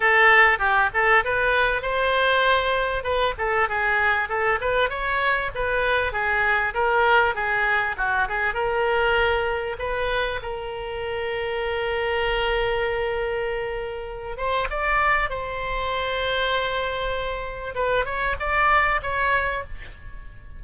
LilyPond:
\new Staff \with { instrumentName = "oboe" } { \time 4/4 \tempo 4 = 98 a'4 g'8 a'8 b'4 c''4~ | c''4 b'8 a'8 gis'4 a'8 b'8 | cis''4 b'4 gis'4 ais'4 | gis'4 fis'8 gis'8 ais'2 |
b'4 ais'2.~ | ais'2.~ ais'8 c''8 | d''4 c''2.~ | c''4 b'8 cis''8 d''4 cis''4 | }